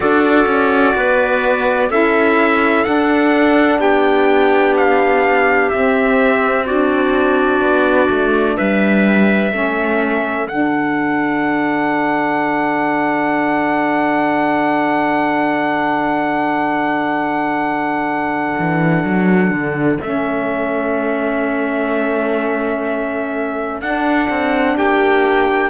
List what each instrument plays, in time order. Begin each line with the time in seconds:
0.00 cello D4, saxophone F#4, clarinet A4, trumpet D5
0.46 cello C#4
0.94 cello B3, clarinet B4
1.89 cello C#4, saxophone E4, clarinet A4, trumpet E5
2.84 saxophone D4, cello D4, trumpet F#5
3.78 cello B3, clarinet G4, trumpet G5
4.76 trumpet F5
5.69 cello C4, saxophone C4, trumpet E5
6.65 saxophone D4, clarinet F#4, trumpet D5
7.61 cello B3
8.09 cello A3
8.56 cello G3, clarinet B4, trumpet E5
9.51 cello A3, saxophone C#4, clarinet A4
10.46 cello D3, saxophone D4, trumpet F#5
18.59 cello E3
19.03 cello F#3
19.50 cello D3
20.00 cello A3, saxophone C#4, trumpet E5
23.81 cello D4, saxophone D4, trumpet F#5
24.29 cello C4
24.76 cello A#3, clarinet G4, trumpet G5